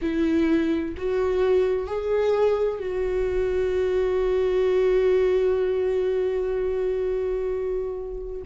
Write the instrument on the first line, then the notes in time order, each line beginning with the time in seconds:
viola
0.01 E4
0.97 F#4
1.87 G#4
2.79 F#4